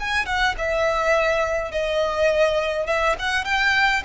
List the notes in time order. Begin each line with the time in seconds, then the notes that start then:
0.00 G#5
0.26 F#5
0.57 E5
1.71 D#5
2.87 E5
3.19 F#5
3.45 G5